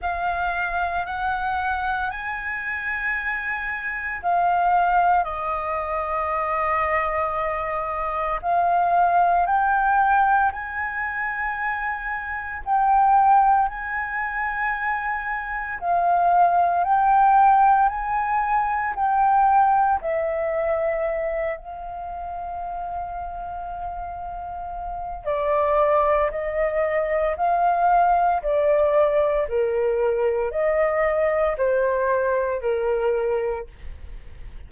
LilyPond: \new Staff \with { instrumentName = "flute" } { \time 4/4 \tempo 4 = 57 f''4 fis''4 gis''2 | f''4 dis''2. | f''4 g''4 gis''2 | g''4 gis''2 f''4 |
g''4 gis''4 g''4 e''4~ | e''8 f''2.~ f''8 | d''4 dis''4 f''4 d''4 | ais'4 dis''4 c''4 ais'4 | }